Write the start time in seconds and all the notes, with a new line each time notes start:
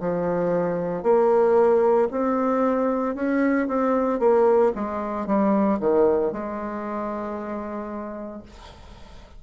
0.00 F3
1.03 A#3
2.11 C4
3.15 C#4
3.68 C4
4.19 A#3
4.75 G#3
5.26 G3
5.80 D#3
6.32 G#3